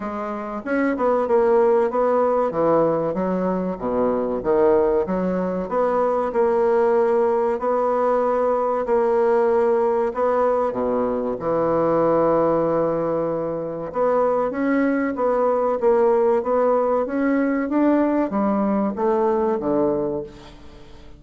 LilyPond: \new Staff \with { instrumentName = "bassoon" } { \time 4/4 \tempo 4 = 95 gis4 cis'8 b8 ais4 b4 | e4 fis4 b,4 dis4 | fis4 b4 ais2 | b2 ais2 |
b4 b,4 e2~ | e2 b4 cis'4 | b4 ais4 b4 cis'4 | d'4 g4 a4 d4 | }